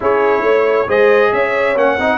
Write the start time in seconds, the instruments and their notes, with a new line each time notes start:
0.00 tuba C#4, trombone E4, horn G#4, trumpet C#5
0.41 tuba A3, horn C#5
0.88 tuba G#3, trombone G#4, horn C5, trumpet D#5
1.32 tuba C#4, horn C#5, trumpet E5
1.75 tuba A#3, trombone C#4, trumpet F#5
1.98 tuba C4, trombone D#4, horn D#5